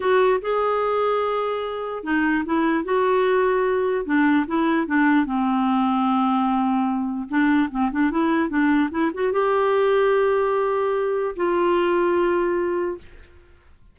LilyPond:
\new Staff \with { instrumentName = "clarinet" } { \time 4/4 \tempo 4 = 148 fis'4 gis'2.~ | gis'4 dis'4 e'4 fis'4~ | fis'2 d'4 e'4 | d'4 c'2.~ |
c'2 d'4 c'8 d'8 | e'4 d'4 e'8 fis'8 g'4~ | g'1 | f'1 | }